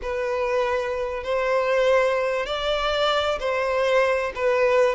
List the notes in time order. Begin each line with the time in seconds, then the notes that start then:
0.01 B4
1.23 C5
2.46 D5
3.39 C5
4.35 B4